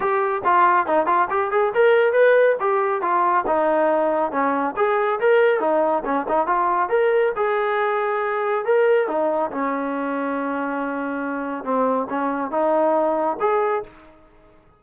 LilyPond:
\new Staff \with { instrumentName = "trombone" } { \time 4/4 \tempo 4 = 139 g'4 f'4 dis'8 f'8 g'8 gis'8 | ais'4 b'4 g'4 f'4 | dis'2 cis'4 gis'4 | ais'4 dis'4 cis'8 dis'8 f'4 |
ais'4 gis'2. | ais'4 dis'4 cis'2~ | cis'2. c'4 | cis'4 dis'2 gis'4 | }